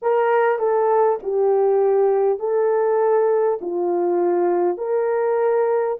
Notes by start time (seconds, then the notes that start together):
0.02 A#4
0.58 A4
1.22 G4
2.39 A4
3.61 F4
4.77 A#4